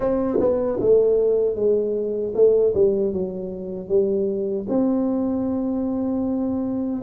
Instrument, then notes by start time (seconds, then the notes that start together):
tuba
0.00 C4
0.40 B3
0.80 A3
1.55 G#3
2.34 A3
2.74 G3
3.12 F#3
3.88 G3
4.68 C4